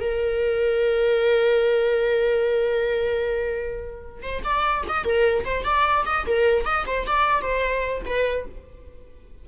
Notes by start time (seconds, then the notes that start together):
0.00 A#4
4.22 C5
4.43 D5
4.88 D#5
5.04 A#4
5.45 C5
5.64 D5
6.05 D#5
6.26 A#4
6.65 D#5
6.86 C5
7.07 D5
7.41 C5
8.05 B4